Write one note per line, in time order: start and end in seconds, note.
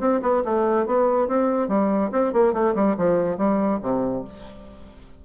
0.00 0.21 C4
0.22 0.43 B3
0.45 0.86 A3
0.86 1.28 B3
1.28 1.68 C4
1.68 2.11 G3
2.12 2.33 C4
2.33 2.54 A#3
2.54 2.75 A3
2.75 2.97 G3
2.98 3.38 F3
3.38 3.80 G3
3.82 4.24 C3